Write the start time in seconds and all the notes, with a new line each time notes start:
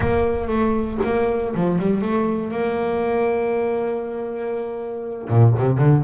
0.00 A#3
0.47 A3
1.04 A#3
1.54 F3
1.78 G3
2.01 A3
2.51 A#3
5.28 A#2
5.58 C3
5.78 D3